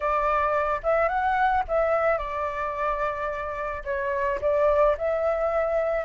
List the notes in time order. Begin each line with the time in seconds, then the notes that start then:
0.00 D5
0.83 E5
1.08 F#5
1.68 E5
2.17 D5
3.84 C#5
4.41 D5
4.97 E5